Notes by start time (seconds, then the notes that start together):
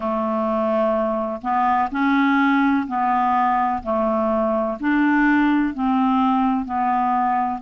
0.00 A3
1.41 B3
1.91 C#4
2.87 B3
3.83 A3
4.80 D4
5.74 C4
6.65 B3